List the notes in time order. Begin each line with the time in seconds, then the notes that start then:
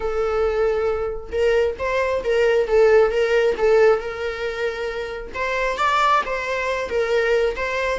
0.00 A4
1.32 A#4
1.79 C5
2.23 A#4
2.67 A4
3.11 A#4
3.57 A4
3.99 A#4
5.34 C5
5.77 D5
6.25 C5
6.89 A#4
7.56 C5